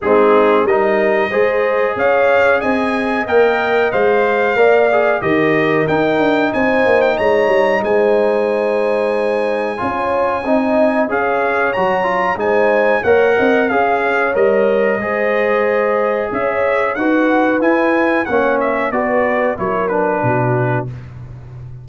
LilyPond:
<<
  \new Staff \with { instrumentName = "trumpet" } { \time 4/4 \tempo 4 = 92 gis'4 dis''2 f''4 | gis''4 g''4 f''2 | dis''4 g''4 gis''8. g''16 ais''4 | gis''1~ |
gis''4 f''4 ais''4 gis''4 | fis''4 f''4 dis''2~ | dis''4 e''4 fis''4 gis''4 | fis''8 e''8 d''4 cis''8 b'4. | }
  \new Staff \with { instrumentName = "horn" } { \time 4/4 dis'4 ais'4 c''4 cis''4 | dis''2. d''4 | ais'2 c''4 cis''4 | c''2. cis''4 |
dis''4 cis''2 c''4 | cis''8 dis''8 f''8 cis''4. c''4~ | c''4 cis''4 b'2 | cis''4 b'4 ais'4 fis'4 | }
  \new Staff \with { instrumentName = "trombone" } { \time 4/4 c'4 dis'4 gis'2~ | gis'4 ais'4 c''4 ais'8 gis'8 | g'4 dis'2.~ | dis'2. f'4 |
dis'4 gis'4 fis'8 f'8 dis'4 | ais'4 gis'4 ais'4 gis'4~ | gis'2 fis'4 e'4 | cis'4 fis'4 e'8 d'4. | }
  \new Staff \with { instrumentName = "tuba" } { \time 4/4 gis4 g4 gis4 cis'4 | c'4 ais4 gis4 ais4 | dis4 dis'8 d'8 c'8 ais8 gis8 g8 | gis2. cis'4 |
c'4 cis'4 fis4 gis4 | ais8 c'8 cis'4 g4 gis4~ | gis4 cis'4 dis'4 e'4 | ais4 b4 fis4 b,4 | }
>>